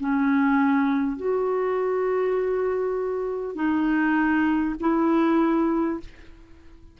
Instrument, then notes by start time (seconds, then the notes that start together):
clarinet
0.00 C#4
1.17 F#4
3.55 D#4
4.80 E4